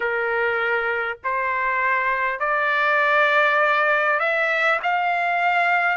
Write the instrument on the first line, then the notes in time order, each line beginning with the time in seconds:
trumpet
0.00 A#4
1.23 C5
2.39 D5
4.19 E5
4.82 F5